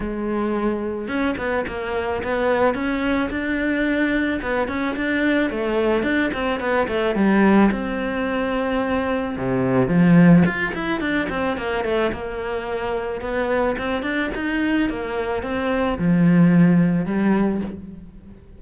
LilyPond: \new Staff \with { instrumentName = "cello" } { \time 4/4 \tempo 4 = 109 gis2 cis'8 b8 ais4 | b4 cis'4 d'2 | b8 cis'8 d'4 a4 d'8 c'8 | b8 a8 g4 c'2~ |
c'4 c4 f4 f'8 e'8 | d'8 c'8 ais8 a8 ais2 | b4 c'8 d'8 dis'4 ais4 | c'4 f2 g4 | }